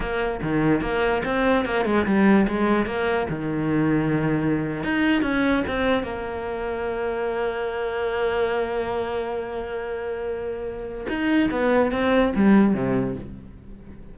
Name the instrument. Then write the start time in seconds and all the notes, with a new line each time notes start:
cello
0.00 A#3
0.42 D#3
0.81 A#3
1.25 C4
1.65 A#3
1.85 G#3
2.05 G3
2.47 G#3
2.86 A#3
3.29 D#3
4.83 D#4
5.22 C#4
5.67 C4
6.03 A#3
11.08 D#4
11.50 B3
11.91 C4
12.35 G3
12.74 C3